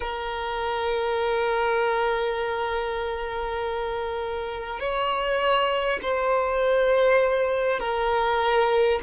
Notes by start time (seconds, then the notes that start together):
0.00 A#4
4.79 C#5
6.02 C5
7.79 A#4